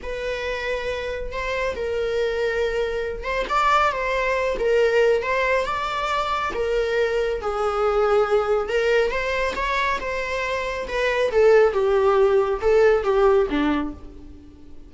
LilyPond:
\new Staff \with { instrumentName = "viola" } { \time 4/4 \tempo 4 = 138 b'2. c''4 | ais'2.~ ais'8 c''8 | d''4 c''4. ais'4. | c''4 d''2 ais'4~ |
ais'4 gis'2. | ais'4 c''4 cis''4 c''4~ | c''4 b'4 a'4 g'4~ | g'4 a'4 g'4 d'4 | }